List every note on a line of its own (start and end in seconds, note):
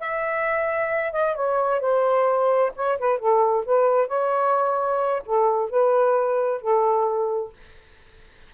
0.00 1.13 E5
1.13 1.35 D#5
1.35 1.81 C#5
1.81 2.73 C5
2.76 2.99 C#5
2.99 3.19 B4
3.19 3.65 A4
3.66 4.08 B4
4.08 5.23 C#5
5.26 5.70 A4
5.70 6.62 B4
6.62 7.53 A4